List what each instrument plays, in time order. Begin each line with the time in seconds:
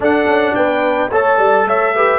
0.00 trombone D4, tuba D4, horn A4, trumpet F#5
0.26 tuba C#4
0.55 tuba B3, horn B4, trumpet G5
1.10 tuba A3, trombone A4, horn C#5, trumpet A5
1.38 tuba G3, horn D5
1.65 tuba A3, horn C#5, trumpet E5
1.95 trombone G4, horn B4